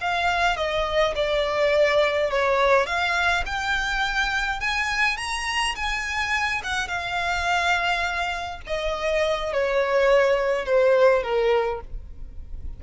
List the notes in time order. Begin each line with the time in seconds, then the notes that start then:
0.00 F5
0.56 D#5
1.15 D5
2.30 C#5
2.86 F5
3.45 G5
4.60 G#5
5.17 A#5
5.75 G#5
6.63 F#5
6.87 F5
8.66 D#5
9.52 C#5
10.65 C5
11.23 A#4